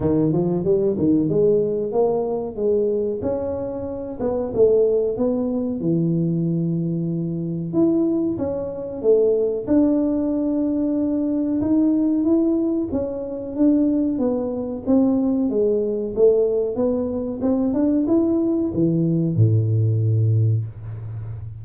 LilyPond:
\new Staff \with { instrumentName = "tuba" } { \time 4/4 \tempo 4 = 93 dis8 f8 g8 dis8 gis4 ais4 | gis4 cis'4. b8 a4 | b4 e2. | e'4 cis'4 a4 d'4~ |
d'2 dis'4 e'4 | cis'4 d'4 b4 c'4 | gis4 a4 b4 c'8 d'8 | e'4 e4 a,2 | }